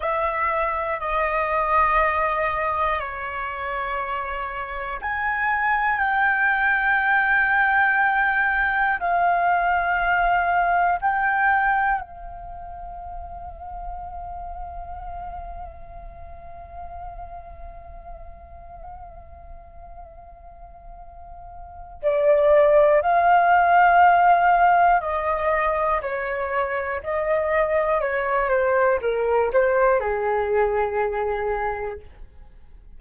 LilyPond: \new Staff \with { instrumentName = "flute" } { \time 4/4 \tempo 4 = 60 e''4 dis''2 cis''4~ | cis''4 gis''4 g''2~ | g''4 f''2 g''4 | f''1~ |
f''1~ | f''2 d''4 f''4~ | f''4 dis''4 cis''4 dis''4 | cis''8 c''8 ais'8 c''8 gis'2 | }